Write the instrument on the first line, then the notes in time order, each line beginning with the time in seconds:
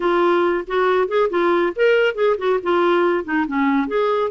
clarinet
0.00 F4
0.67 F#4
1.08 G#4
1.29 F4
1.75 A#4
2.14 G#4
2.38 F#4
2.62 F4
3.24 D#4
3.47 C#4
3.87 G#4